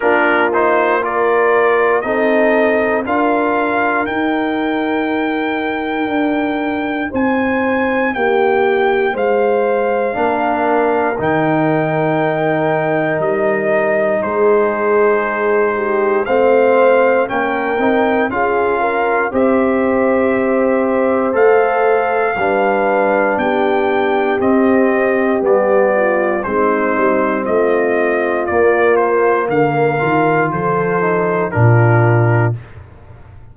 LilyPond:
<<
  \new Staff \with { instrumentName = "trumpet" } { \time 4/4 \tempo 4 = 59 ais'8 c''8 d''4 dis''4 f''4 | g''2. gis''4 | g''4 f''2 g''4~ | g''4 dis''4 c''2 |
f''4 g''4 f''4 e''4~ | e''4 f''2 g''4 | dis''4 d''4 c''4 dis''4 | d''8 c''8 f''4 c''4 ais'4 | }
  \new Staff \with { instrumentName = "horn" } { \time 4/4 f'4 ais'4 a'4 ais'4~ | ais'2. c''4 | g'4 c''4 ais'2~ | ais'2 gis'4. g'8 |
c''4 ais'4 gis'8 ais'8 c''4~ | c''2 b'4 g'4~ | g'4. f'8 dis'4 f'4~ | f'4 ais'4 a'4 f'4 | }
  \new Staff \with { instrumentName = "trombone" } { \time 4/4 d'8 dis'8 f'4 dis'4 f'4 | dis'1~ | dis'2 d'4 dis'4~ | dis'1 |
c'4 cis'8 dis'8 f'4 g'4~ | g'4 a'4 d'2 | c'4 b4 c'2 | ais4. f'4 dis'8 d'4 | }
  \new Staff \with { instrumentName = "tuba" } { \time 4/4 ais2 c'4 d'4 | dis'2 d'4 c'4 | ais4 gis4 ais4 dis4~ | dis4 g4 gis2 |
a4 ais8 c'8 cis'4 c'4~ | c'4 a4 g4 b4 | c'4 g4 gis8 g8 a4 | ais4 d8 dis8 f4 ais,4 | }
>>